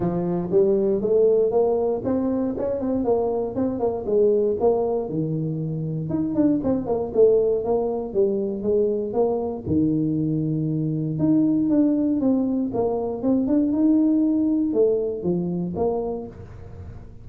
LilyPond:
\new Staff \with { instrumentName = "tuba" } { \time 4/4 \tempo 4 = 118 f4 g4 a4 ais4 | c'4 cis'8 c'8 ais4 c'8 ais8 | gis4 ais4 dis2 | dis'8 d'8 c'8 ais8 a4 ais4 |
g4 gis4 ais4 dis4~ | dis2 dis'4 d'4 | c'4 ais4 c'8 d'8 dis'4~ | dis'4 a4 f4 ais4 | }